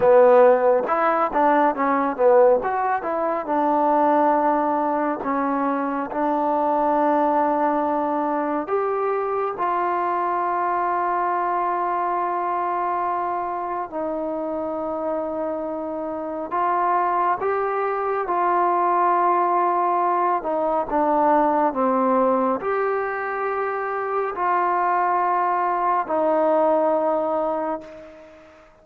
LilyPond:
\new Staff \with { instrumentName = "trombone" } { \time 4/4 \tempo 4 = 69 b4 e'8 d'8 cis'8 b8 fis'8 e'8 | d'2 cis'4 d'4~ | d'2 g'4 f'4~ | f'1 |
dis'2. f'4 | g'4 f'2~ f'8 dis'8 | d'4 c'4 g'2 | f'2 dis'2 | }